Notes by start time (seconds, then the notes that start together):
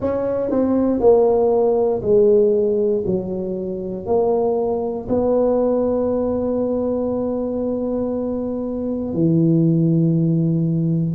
0.00 C#4
0.50 C4
0.99 A#3
2.02 G#3
3.06 F#3
4.05 A#3
5.08 B3
9.13 E3